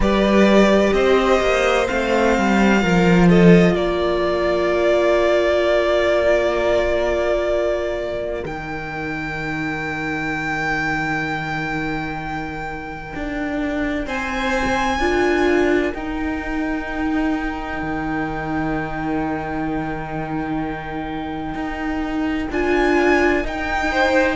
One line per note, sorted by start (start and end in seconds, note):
0.00 0.90 G3
0.00 1.85 G4
0.00 0.94 B4
0.00 0.93 D5
0.93 1.40 C4
0.93 2.81 C5
0.93 1.87 D#5
1.40 1.87 A#3
1.85 2.37 A3
1.85 2.79 C4
1.85 3.28 F5
2.37 2.83 G3
2.80 3.74 F3
2.80 8.41 F4
2.80 3.28 A#4
3.29 3.74 A4
3.29 3.75 D#5
3.74 8.43 A#3
3.74 14.05 A#4
3.74 8.44 D5
8.41 13.12 D#3
8.41 14.97 D#4
8.41 14.07 G5
13.15 14.06 D4
14.06 14.99 C4
14.06 15.00 C5
14.06 15.94 G#5
14.99 15.93 D4
14.99 15.94 F4
14.99 23.90 A#4
15.94 17.81 D#4
15.94 22.51 D#4
15.94 22.50 G5
17.82 21.54 D#3
21.54 22.48 D#4
22.50 23.44 D4
22.50 23.43 F4
22.50 23.46 G#5
23.43 24.36 D#4
23.43 24.36 G5
23.91 24.36 C5